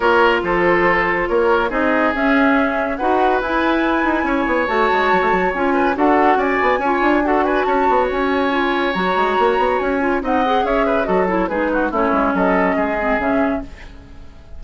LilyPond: <<
  \new Staff \with { instrumentName = "flute" } { \time 4/4 \tempo 4 = 141 cis''4 c''2 cis''4 | dis''4 e''2 fis''4 | gis''2. a''4~ | a''4 gis''4 fis''4 gis''4~ |
gis''4 fis''8 gis''8 a''4 gis''4~ | gis''4 ais''2 gis''4 | fis''4 e''4 dis''8 cis''8 b'4 | cis''4 dis''2 e''4 | }
  \new Staff \with { instrumentName = "oboe" } { \time 4/4 ais'4 a'2 ais'4 | gis'2. b'4~ | b'2 cis''2~ | cis''4. b'8 a'4 d''4 |
cis''4 a'8 b'8 cis''2~ | cis''1 | dis''4 cis''8 b'8 a'4 gis'8 fis'8 | e'4 a'4 gis'2 | }
  \new Staff \with { instrumentName = "clarinet" } { \time 4/4 f'1 | dis'4 cis'2 fis'4 | e'2. fis'4~ | fis'4 f'4 fis'2 |
f'4 fis'2. | f'4 fis'2~ fis'8 f'8 | dis'8 gis'4. fis'8 e'8 dis'4 | cis'2~ cis'8 c'8 cis'4 | }
  \new Staff \with { instrumentName = "bassoon" } { \time 4/4 ais4 f2 ais4 | c'4 cis'2 dis'4 | e'4. dis'8 cis'8 b8 a8 gis8 | fis16 a16 fis8 cis'4 d'4 cis'8 b8 |
cis'8 d'4. cis'8 b8 cis'4~ | cis'4 fis8 gis8 ais8 b8 cis'4 | c'4 cis'4 fis4 gis4 | a8 gis8 fis4 gis4 cis4 | }
>>